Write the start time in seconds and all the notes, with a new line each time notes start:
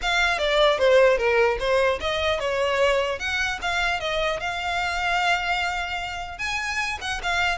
0.02 F5
0.38 D5
0.78 C5
1.17 A#4
1.59 C5
2.00 D#5
2.39 C#5
3.19 F#5
3.61 F5
4.00 D#5
4.40 F5
6.38 G#5
7.01 F#5
7.22 F5